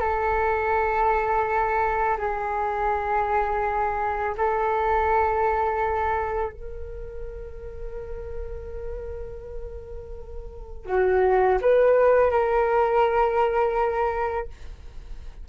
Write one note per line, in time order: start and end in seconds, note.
0.00 2.17 A4
2.18 4.34 G#4
4.37 6.52 A4
6.52 10.86 A#4
10.86 11.58 F#4
11.61 12.31 B4
12.31 14.48 A#4